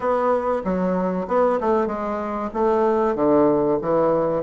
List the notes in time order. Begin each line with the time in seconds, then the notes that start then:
0.00 B3
0.64 F#3
1.27 B3
1.60 A3
1.87 G#3
2.53 A3
3.15 D3
3.81 E3